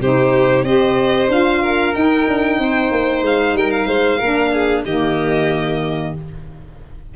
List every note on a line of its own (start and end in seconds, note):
0.00 0.63 C3
0.00 0.67 D#4
0.00 0.65 G4
0.00 0.65 C5
0.63 1.28 C4
0.63 1.30 G4
0.63 1.62 C5
0.63 1.29 D#5
1.28 1.93 D4
1.28 1.94 F4
1.28 1.94 F5
1.62 2.59 A#4
1.94 4.20 D#4
1.94 2.27 D#4
1.94 3.23 G5
2.28 2.58 D4
2.58 2.91 C4
2.58 3.57 C5
2.91 3.22 A#3
3.22 3.53 G#3
3.22 3.57 F5
3.53 3.86 G3
3.53 3.87 A#4
3.53 3.71 G5
3.71 4.83 F5
3.87 4.19 G#3
3.87 4.18 C5
4.18 4.85 A#3
4.18 4.87 D4
4.18 4.51 A#4
4.53 4.85 G#4
4.85 6.14 D#3
4.85 6.16 A#3
4.85 6.14 G4
4.85 6.14 D#5